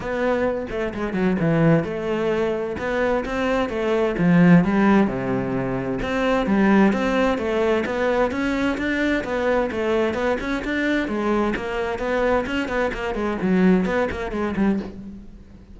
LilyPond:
\new Staff \with { instrumentName = "cello" } { \time 4/4 \tempo 4 = 130 b4. a8 gis8 fis8 e4 | a2 b4 c'4 | a4 f4 g4 c4~ | c4 c'4 g4 c'4 |
a4 b4 cis'4 d'4 | b4 a4 b8 cis'8 d'4 | gis4 ais4 b4 cis'8 b8 | ais8 gis8 fis4 b8 ais8 gis8 g8 | }